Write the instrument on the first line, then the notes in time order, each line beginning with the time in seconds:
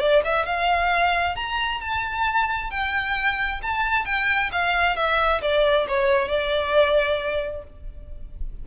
violin
0.00 D5
0.24 E5
0.46 F5
1.36 A#5
1.81 A5
2.71 G5
3.63 A5
4.05 G5
4.52 F5
4.96 E5
5.42 D5
5.88 C#5
6.28 D5